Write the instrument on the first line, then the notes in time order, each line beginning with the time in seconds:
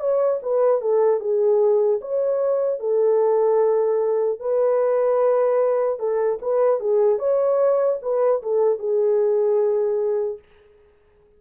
horn
0.00 C#5
0.42 B4
0.81 A4
1.20 G#4
2.01 C#5
2.79 A4
4.39 B4
5.99 A4
6.41 B4
6.80 G#4
7.19 C#5
8.02 B4
8.43 A4
8.79 G#4